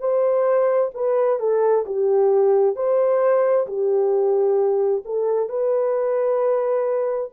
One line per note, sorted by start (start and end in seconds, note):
0.00 0.91 C5
0.94 1.40 B4
1.40 1.85 A4
1.86 2.76 G4
2.76 3.67 C5
3.67 5.03 G4
5.05 5.49 A4
5.49 7.31 B4